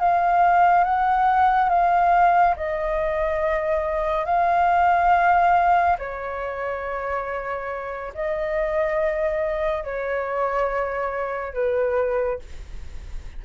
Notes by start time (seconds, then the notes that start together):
0.00 F5
0.85 F#5
1.69 F5
2.57 D#5
4.25 F5
5.99 C#5
8.15 D#5
9.85 C#5
11.54 B4